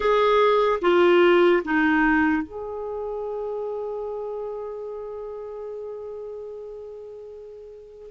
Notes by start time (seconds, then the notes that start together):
0.00 G#4
0.81 F4
1.64 D#4
2.43 G#4